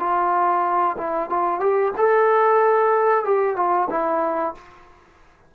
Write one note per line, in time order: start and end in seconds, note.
0.00 0.96 F4
0.98 1.30 E4
1.30 1.60 F4
1.60 1.92 G4
1.98 3.25 A4
3.25 3.56 G4
3.56 3.89 F4
3.90 4.55 E4